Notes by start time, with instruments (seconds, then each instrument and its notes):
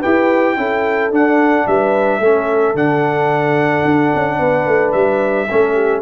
0.00 tuba E4, trombone G4, horn B4, trumpet G5
0.57 tuba C#4, trombone E4, horn A4
1.11 trombone D4, tuba D4, trumpet F#5
1.67 tuba G3, horn B4, trumpet E5
2.19 tuba A3, trombone C#4, horn A4
2.74 tuba D3, trombone D4, trumpet F#5
3.84 tuba D4
4.14 tuba C#4
4.38 tuba B3, horn B4
4.66 tuba A3
4.92 tuba G3, trumpet E5
5.49 tuba A3, trombone C#4, horn A4
5.74 horn G4